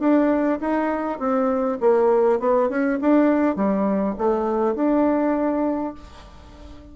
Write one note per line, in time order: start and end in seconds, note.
0.00 0.59 D4
0.61 1.19 D#4
1.19 1.79 C4
1.81 2.40 A#3
2.40 2.69 B3
2.69 2.99 C#4
3.02 3.56 D4
3.56 4.16 G3
4.19 4.76 A3
4.76 5.94 D4